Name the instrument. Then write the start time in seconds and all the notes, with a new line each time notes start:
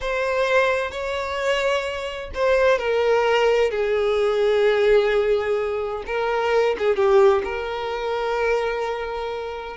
violin
0.01 C5
0.91 C#5
2.34 C5
2.78 A#4
3.71 G#4
6.06 A#4
6.78 G#4
6.95 G4
7.44 A#4